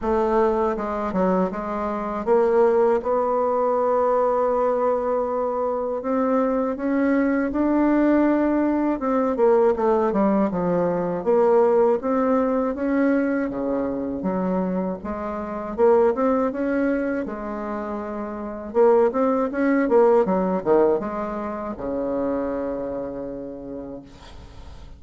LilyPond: \new Staff \with { instrumentName = "bassoon" } { \time 4/4 \tempo 4 = 80 a4 gis8 fis8 gis4 ais4 | b1 | c'4 cis'4 d'2 | c'8 ais8 a8 g8 f4 ais4 |
c'4 cis'4 cis4 fis4 | gis4 ais8 c'8 cis'4 gis4~ | gis4 ais8 c'8 cis'8 ais8 fis8 dis8 | gis4 cis2. | }